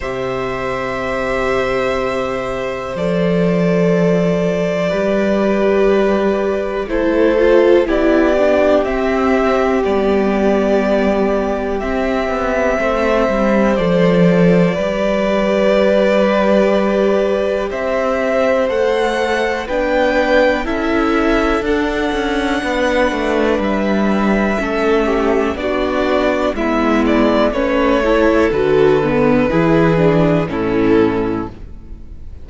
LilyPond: <<
  \new Staff \with { instrumentName = "violin" } { \time 4/4 \tempo 4 = 61 e''2. d''4~ | d''2. c''4 | d''4 e''4 d''2 | e''2 d''2~ |
d''2 e''4 fis''4 | g''4 e''4 fis''2 | e''2 d''4 e''8 d''8 | cis''4 b'2 a'4 | }
  \new Staff \with { instrumentName = "violin" } { \time 4/4 c''1~ | c''4 b'2 a'4 | g'1~ | g'4 c''2 b'4~ |
b'2 c''2 | b'4 a'2 b'4~ | b'4 a'8 g'8 fis'4 e'4 | b'8 a'4. gis'4 e'4 | }
  \new Staff \with { instrumentName = "viola" } { \time 4/4 g'2. a'4~ | a'4 g'2 e'8 f'8 | e'8 d'8 c'4 b2 | c'2 a'4 g'4~ |
g'2. a'4 | d'4 e'4 d'2~ | d'4 cis'4 d'4 b4 | cis'8 e'8 fis'8 b8 e'8 d'8 cis'4 | }
  \new Staff \with { instrumentName = "cello" } { \time 4/4 c2. f4~ | f4 g2 a4 | b4 c'4 g2 | c'8 b8 a8 g8 f4 g4~ |
g2 c'4 a4 | b4 cis'4 d'8 cis'8 b8 a8 | g4 a4 b4 gis4 | a4 d4 e4 a,4 | }
>>